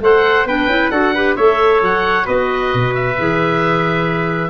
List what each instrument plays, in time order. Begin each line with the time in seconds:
0.00 tuba A3, clarinet A4, trumpet C5, oboe F#5
0.45 tuba B3, clarinet D4, trumpet B4, oboe G5
0.66 tuba C#4, clarinet E4
0.90 tuba D4, clarinet F#4, trumpet A4, oboe F#5
1.14 clarinet G4, trumpet B4
1.36 tuba A3, clarinet A4, trumpet C#5, oboe E5
1.81 tuba F#3, oboe F#5
2.24 tuba B3, clarinet F#4, trumpet B4, oboe D#5
2.73 tuba B2
2.94 oboe E5
3.18 tuba E3, clarinet G#4